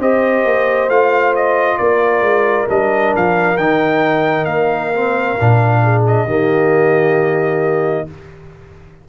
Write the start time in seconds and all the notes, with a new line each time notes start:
0.00 C4 G4 C5 D#5
0.45 A#3
0.89 A3 F4 F5
1.36 D#5
1.78 A#3 A#4 D5
2.21 G#3
2.68 G3 D4 D#5
3.17 F3 F5
3.58 D#3 D#4 G5
4.45 A#3 F5
4.94 C4
5.40 A#2 D4
5.83 G#4
6.07 D#5
6.26 D#3 A#3 G4